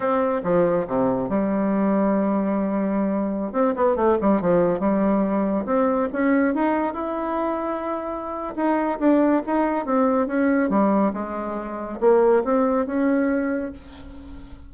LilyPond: \new Staff \with { instrumentName = "bassoon" } { \time 4/4 \tempo 4 = 140 c'4 f4 c4 g4~ | g1~ | g16 c'8 b8 a8 g8 f4 g8.~ | g4~ g16 c'4 cis'4 dis'8.~ |
dis'16 e'2.~ e'8. | dis'4 d'4 dis'4 c'4 | cis'4 g4 gis2 | ais4 c'4 cis'2 | }